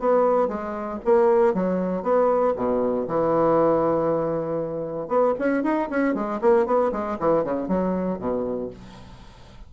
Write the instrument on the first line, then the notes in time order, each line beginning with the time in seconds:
bassoon
0.00 B3
0.48 G#3
1.05 A#3
1.54 F#3
2.03 B3
2.56 B2
3.08 E3
5.08 B3
5.39 C#4
5.64 D#4
5.90 C#4
6.15 G#3
6.42 A#3
6.66 B3
6.92 G#3
7.20 E3
7.44 C#3
7.68 F#3
8.19 B2